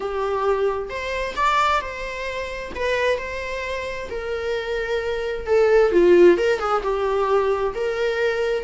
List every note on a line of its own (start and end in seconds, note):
0.00 0.89 G4
0.89 1.35 C5
1.35 1.81 D5
1.81 2.72 C5
2.75 3.18 B4
3.18 4.09 C5
4.10 5.46 A#4
5.46 5.92 A4
5.92 6.37 F4
6.37 6.59 A#4
6.59 6.81 G#4
6.83 7.74 G4
7.74 8.64 A#4